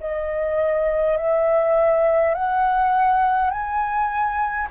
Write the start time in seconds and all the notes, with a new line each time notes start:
0.00 D#5
1.17 E5
2.34 F#5
3.50 G#5